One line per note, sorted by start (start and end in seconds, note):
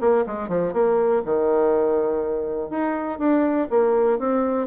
0.00 0.25 A#3
0.26 0.48 G#3
0.48 0.73 F3
0.73 1.22 A#3
1.25 2.70 D#3
2.70 3.19 D#4
3.19 3.68 D4
3.70 4.18 A#3
4.18 4.67 C4